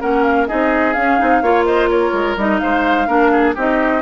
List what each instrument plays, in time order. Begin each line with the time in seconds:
0.00 bassoon A#3, clarinet C#4, oboe A#4, flute F#5
0.23 flute F5
0.48 bassoon C4, clarinet D#4, oboe G#4, flute D#5
0.93 clarinet C#4, bassoon C#4, flute F5
1.19 bassoon C4, clarinet D#4
1.42 bassoon A#3, clarinet F4, oboe C#5
1.65 oboe C5, flute D#5
1.89 oboe A#4, flute C#5
2.13 bassoon G#3
2.36 bassoon G3, clarinet D#4, flute D#5
2.59 bassoon G#3, oboe C5, flute F5
3.07 bassoon A#3, clarinet D4, oboe A#4
3.32 oboe G#4
3.55 bassoon C4, clarinet D#4, oboe G4, flute D#5